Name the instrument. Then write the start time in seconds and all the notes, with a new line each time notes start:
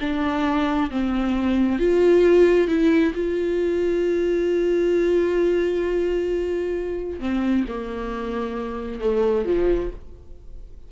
viola
0.00 D4
0.91 C4
1.79 F4
2.68 E4
3.15 F4
7.20 C4
7.68 A#3
9.01 A3
9.45 F3